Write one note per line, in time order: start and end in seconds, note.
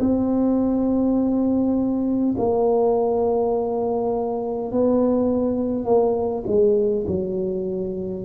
0.00 2.35 C4
2.38 4.72 A#3
4.72 5.85 B3
5.85 6.44 A#3
6.47 7.05 G#3
7.07 8.25 F#3